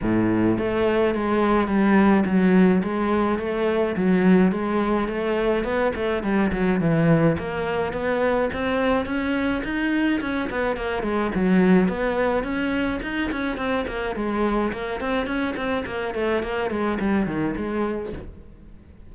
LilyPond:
\new Staff \with { instrumentName = "cello" } { \time 4/4 \tempo 4 = 106 a,4 a4 gis4 g4 | fis4 gis4 a4 fis4 | gis4 a4 b8 a8 g8 fis8 | e4 ais4 b4 c'4 |
cis'4 dis'4 cis'8 b8 ais8 gis8 | fis4 b4 cis'4 dis'8 cis'8 | c'8 ais8 gis4 ais8 c'8 cis'8 c'8 | ais8 a8 ais8 gis8 g8 dis8 gis4 | }